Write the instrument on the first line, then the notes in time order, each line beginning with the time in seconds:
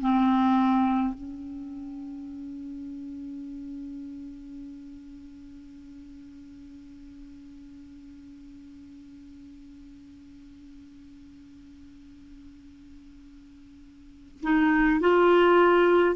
clarinet
0.00 C4
1.14 C#4
14.42 D#4
15.00 F4